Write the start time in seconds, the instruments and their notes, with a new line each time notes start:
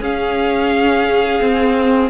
0.00 viola C#4, cello C#4, violin G#4 F5
1.39 viola C4, cello C4